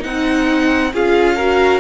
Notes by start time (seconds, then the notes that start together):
0.00 C4 D#4 F#5
0.94 C#4 F4 G#4 F5
1.36 F#4 A#4